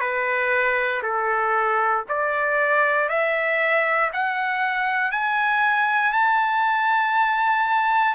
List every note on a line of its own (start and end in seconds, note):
0.00 1.02 B4
1.02 2.04 A4
2.08 3.09 D5
3.09 4.10 E5
4.12 5.11 F#5
5.11 6.12 G#5
6.12 8.14 A5